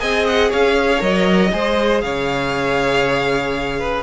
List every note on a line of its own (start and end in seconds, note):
0.00 0.52 C4
0.00 0.99 G#4
0.00 0.49 D#5
0.00 0.25 G#5
0.27 0.52 F#5
0.49 1.01 C#4
0.49 1.50 C#5
0.49 1.03 F5
0.99 1.52 F#3
0.99 1.49 A#4
0.99 2.01 D#5
1.52 2.03 G#3
1.52 4.03 G#4
1.52 2.04 C5
2.01 4.03 C#3
2.01 3.79 C#5
2.01 4.03 F5
3.79 4.03 B4